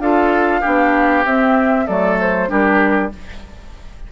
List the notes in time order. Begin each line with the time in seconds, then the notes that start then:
0.00 D4 F4 A4 F5
0.61 B3 D4 G4
1.25 C4 E5
1.87 F#3 A3 A4 D5
2.20 C5
2.48 G3 D4 G4 A#4